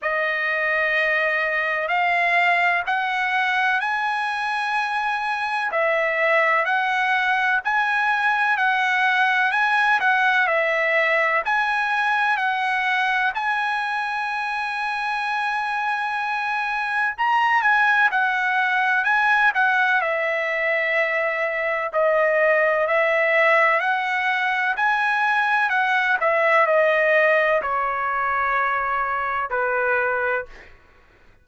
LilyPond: \new Staff \with { instrumentName = "trumpet" } { \time 4/4 \tempo 4 = 63 dis''2 f''4 fis''4 | gis''2 e''4 fis''4 | gis''4 fis''4 gis''8 fis''8 e''4 | gis''4 fis''4 gis''2~ |
gis''2 ais''8 gis''8 fis''4 | gis''8 fis''8 e''2 dis''4 | e''4 fis''4 gis''4 fis''8 e''8 | dis''4 cis''2 b'4 | }